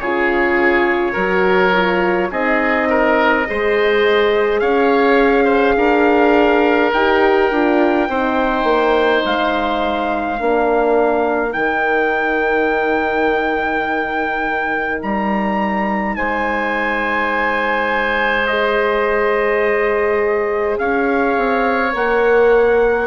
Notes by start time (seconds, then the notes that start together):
0.00 C#3 F4 G#4 C#5
1.13 F#3 F#4 A#4
1.73 F4
2.31 C4 D#4 G#4 D#5
2.90 A#4
3.47 G#3 G#4 C5
4.60 C#4 C#5 F5
5.45 C5
5.77 D4 A#4
6.94 D#4 G4 G5
7.52 D4 F4
8.09 C4 D#4 C5
8.64 A#3
9.25 G#3 F5
10.39 A#3 D4 A#4
11.50 D#3 D#4 G5
15.02 G3 A#5
16.16 G#3 C5 G#5
18.47 G#4 D#5
20.79 C#4 C#5 F5
21.37 C4
21.93 A#3 A#4 F#5